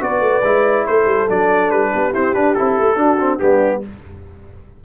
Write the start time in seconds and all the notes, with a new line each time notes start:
0.00 B3 F#4 B4 D5
0.20 A3
0.43 G#3 E4
0.86 A3 A4 C5
1.05 G3
1.29 F#3 D4 D5
1.70 G3 B4
1.93 B3 G4
2.13 C4 E4 C5
2.33 D4 B4
2.54 C4 E4 A4
2.79 A3
2.96 D4 F#4
3.20 C4
3.39 G3 B3 D4 G4